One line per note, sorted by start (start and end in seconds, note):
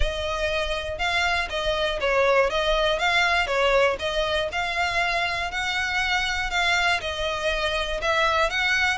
0.00 0.98 D#5
0.98 1.48 F5
1.49 1.99 D#5
2.00 2.50 C#5
2.50 2.98 D#5
2.98 3.46 F5
3.46 3.96 C#5
3.99 4.49 D#5
4.52 5.51 F5
5.51 6.50 F#5
6.50 7.00 F5
7.00 8.00 D#5
8.01 8.50 E5
8.50 8.98 F#5